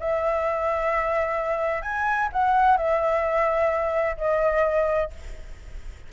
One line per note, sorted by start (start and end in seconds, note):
0.00 1.83 E5
1.83 2.29 G#5
2.33 2.78 F#5
2.78 4.17 E5
4.18 5.11 D#5